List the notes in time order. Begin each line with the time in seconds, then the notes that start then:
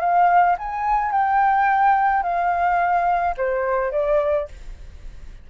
0.00 F5
0.59 G#5
1.12 G5
2.23 F5
3.37 C5
3.92 D5